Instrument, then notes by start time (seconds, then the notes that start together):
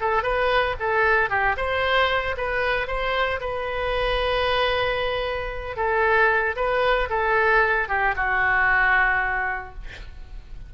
oboe
0.00 A4
0.22 B4
0.79 A4
1.29 G4
1.56 C5
2.37 B4
2.87 C5
3.40 B4
5.76 A4
6.56 B4
7.09 A4
7.88 G4
8.16 F#4